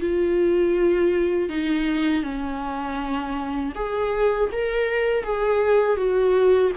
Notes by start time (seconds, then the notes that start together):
0.00 F4
1.49 D#4
2.23 C#4
3.75 G#4
4.52 A#4
5.24 G#4
5.97 F#4